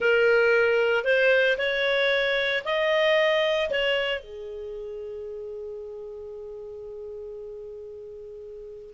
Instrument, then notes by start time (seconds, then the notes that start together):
clarinet
0.00 A#4
1.04 C5
1.58 C#5
2.64 D#5
3.70 C#5
4.20 G#4